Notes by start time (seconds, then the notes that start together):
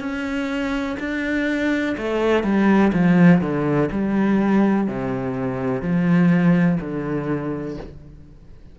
0.00 C#4
1.00 D4
1.98 A3
2.44 G3
2.93 F3
3.41 D3
3.92 G3
4.88 C3
5.82 F3
6.81 D3